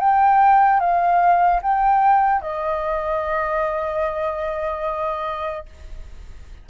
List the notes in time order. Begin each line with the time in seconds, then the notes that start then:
0.00 G5
0.80 F5
1.62 G5
2.41 D#5